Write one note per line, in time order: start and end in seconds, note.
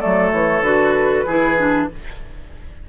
0.00 0.33 F#3
0.00 0.64 A3
0.00 1.25 A4
0.00 0.31 D5
0.32 0.61 E3
0.32 0.63 C#5
0.61 1.24 D3
0.61 1.26 F#4
0.61 1.88 B4
1.26 1.89 E3
1.26 1.58 E4
1.26 1.89 G#4
1.58 1.89 D4